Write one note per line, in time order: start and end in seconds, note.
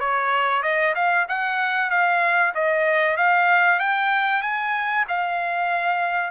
0.00 0.63 C#5
0.63 0.95 D#5
0.95 1.27 F5
1.29 1.90 F#5
1.90 2.53 F5
2.55 3.18 D#5
3.18 3.80 F5
3.80 4.42 G5
4.42 5.06 G#5
5.09 6.31 F5